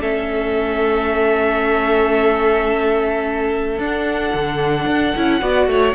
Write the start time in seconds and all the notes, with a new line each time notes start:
0.00 A3 C#4 A4 E5
3.78 D4 F#5
4.34 D3
4.86 D4
5.16 C#4 E4
5.39 B3 F#4 D5
5.67 A3 C#5